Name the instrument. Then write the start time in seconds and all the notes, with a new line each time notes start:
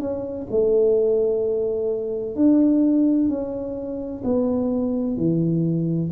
tuba
0.00 C#4
0.51 A3
2.36 D4
3.29 C#4
4.24 B3
5.17 E3